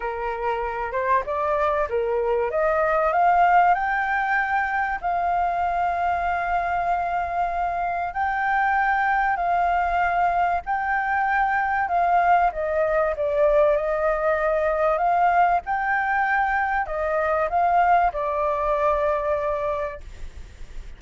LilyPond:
\new Staff \with { instrumentName = "flute" } { \time 4/4 \tempo 4 = 96 ais'4. c''8 d''4 ais'4 | dis''4 f''4 g''2 | f''1~ | f''4 g''2 f''4~ |
f''4 g''2 f''4 | dis''4 d''4 dis''2 | f''4 g''2 dis''4 | f''4 d''2. | }